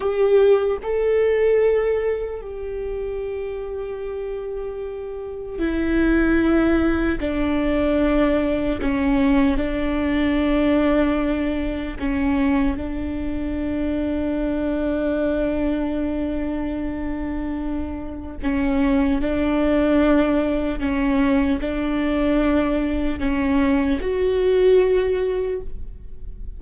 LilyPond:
\new Staff \with { instrumentName = "viola" } { \time 4/4 \tempo 4 = 75 g'4 a'2 g'4~ | g'2. e'4~ | e'4 d'2 cis'4 | d'2. cis'4 |
d'1~ | d'2. cis'4 | d'2 cis'4 d'4~ | d'4 cis'4 fis'2 | }